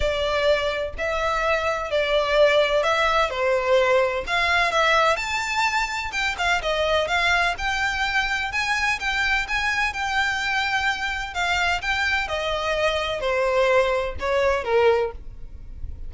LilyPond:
\new Staff \with { instrumentName = "violin" } { \time 4/4 \tempo 4 = 127 d''2 e''2 | d''2 e''4 c''4~ | c''4 f''4 e''4 a''4~ | a''4 g''8 f''8 dis''4 f''4 |
g''2 gis''4 g''4 | gis''4 g''2. | f''4 g''4 dis''2 | c''2 cis''4 ais'4 | }